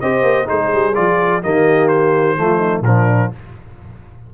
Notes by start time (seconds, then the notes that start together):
0.00 C4 G4 C5 D#5
0.22 A#3
0.45 G#3 D#4 G#4 C5
0.73 G3
0.94 F3 F4 D5
1.42 D#3 A#3 G4 D#5
1.88 C5
2.36 F3 A3 F4
2.58 D#4
2.81 A#2 F3 D4 A#4